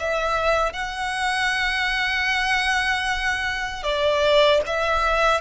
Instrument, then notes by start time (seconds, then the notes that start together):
violin
0.00 E5
0.73 F#5
3.84 D5
4.67 E5